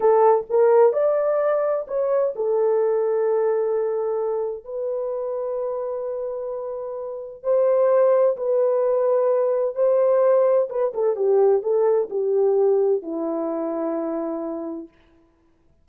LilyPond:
\new Staff \with { instrumentName = "horn" } { \time 4/4 \tempo 4 = 129 a'4 ais'4 d''2 | cis''4 a'2.~ | a'2 b'2~ | b'1 |
c''2 b'2~ | b'4 c''2 b'8 a'8 | g'4 a'4 g'2 | e'1 | }